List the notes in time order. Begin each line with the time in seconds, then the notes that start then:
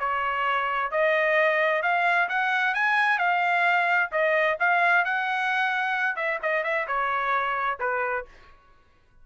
0.00 C#5
0.92 D#5
1.83 F5
2.29 F#5
2.75 G#5
3.19 F5
4.12 D#5
4.60 F5
5.05 F#5
6.16 E5
6.43 D#5
6.64 E5
6.88 C#5
7.80 B4